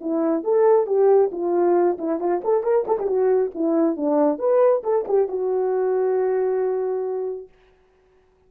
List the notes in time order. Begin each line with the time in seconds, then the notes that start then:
0.00 E4
0.43 A4
0.86 G4
1.31 F4
1.98 E4
2.19 F4
2.44 A4
2.63 A#4
2.87 A4
2.99 G4
3.07 F#4
3.54 E4
3.96 D4
4.38 B4
4.83 A4
5.08 G4
5.28 F#4